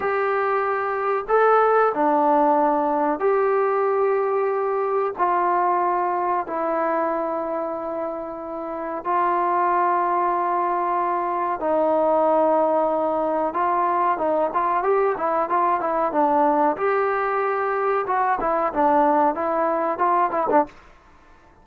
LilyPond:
\new Staff \with { instrumentName = "trombone" } { \time 4/4 \tempo 4 = 93 g'2 a'4 d'4~ | d'4 g'2. | f'2 e'2~ | e'2 f'2~ |
f'2 dis'2~ | dis'4 f'4 dis'8 f'8 g'8 e'8 | f'8 e'8 d'4 g'2 | fis'8 e'8 d'4 e'4 f'8 e'16 d'16 | }